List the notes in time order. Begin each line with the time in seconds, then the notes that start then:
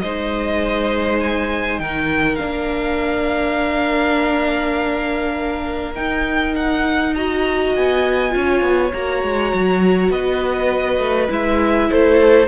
0.00 G#3 D#4 C5 D#5
1.21 G#5
1.79 D#3 A#4 G5
2.36 A#3 D4 F5
5.96 D#4 G5
6.56 F#5
7.15 F#4 D#5 A#5
7.76 B3 G#5
8.30 C#4 F4 C#5
8.62 B3
8.94 A#3 F#4 A#5
9.24 G#3
9.54 F#3
10.10 B3 B4 D#5
10.99 A3
11.29 G#3 E4 E5
11.91 A3 A4 C5